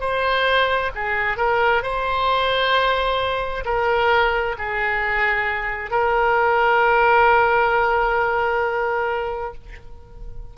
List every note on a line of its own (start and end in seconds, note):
0.00 0.91 C5
0.95 1.37 G#4
1.37 1.83 A#4
1.83 3.64 C5
3.65 4.56 A#4
4.58 5.90 G#4
5.90 9.54 A#4